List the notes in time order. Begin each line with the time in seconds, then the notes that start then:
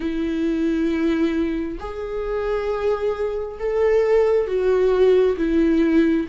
0.00 E4
1.79 G#4
3.59 A4
4.47 F#4
5.37 E4